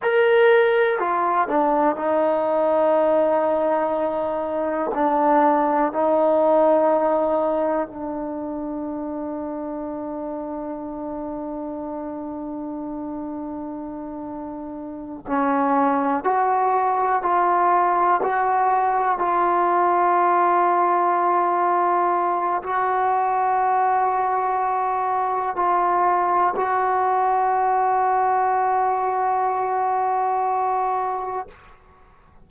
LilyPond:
\new Staff \with { instrumentName = "trombone" } { \time 4/4 \tempo 4 = 61 ais'4 f'8 d'8 dis'2~ | dis'4 d'4 dis'2 | d'1~ | d'2.~ d'8 cis'8~ |
cis'8 fis'4 f'4 fis'4 f'8~ | f'2. fis'4~ | fis'2 f'4 fis'4~ | fis'1 | }